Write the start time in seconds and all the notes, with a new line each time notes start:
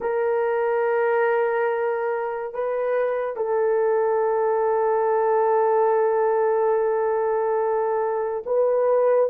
0.00 A#4
2.54 B4
3.36 A4
8.46 B4